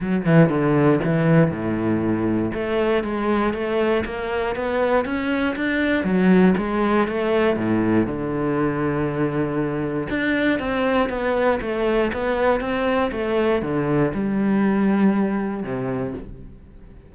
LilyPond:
\new Staff \with { instrumentName = "cello" } { \time 4/4 \tempo 4 = 119 fis8 e8 d4 e4 a,4~ | a,4 a4 gis4 a4 | ais4 b4 cis'4 d'4 | fis4 gis4 a4 a,4 |
d1 | d'4 c'4 b4 a4 | b4 c'4 a4 d4 | g2. c4 | }